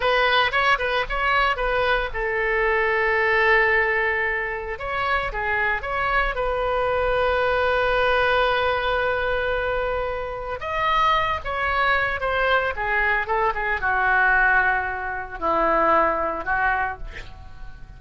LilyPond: \new Staff \with { instrumentName = "oboe" } { \time 4/4 \tempo 4 = 113 b'4 cis''8 b'8 cis''4 b'4 | a'1~ | a'4 cis''4 gis'4 cis''4 | b'1~ |
b'1 | dis''4. cis''4. c''4 | gis'4 a'8 gis'8 fis'2~ | fis'4 e'2 fis'4 | }